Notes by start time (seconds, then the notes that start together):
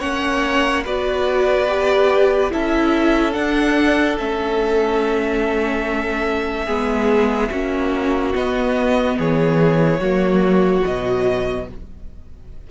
0.00 A#3 C#4 C#5 F#5
0.85 B3 F#4 B4 D5
1.68 G4
2.51 C#4 E4 A4 E5
3.32 D4 F#5
4.18 A3 C#4 E5
6.66 G#3 B3 G#4
7.50 A#3 C#4 F#4
8.34 B3 D#5
9.19 E3 G#4 C#5
9.99 F#3 A#3 F#4
10.84 B2 F#3 D#5